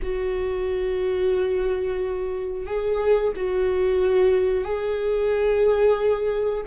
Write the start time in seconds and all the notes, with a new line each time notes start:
0.02 F#4
2.66 G#4
3.36 F#4
4.64 G#4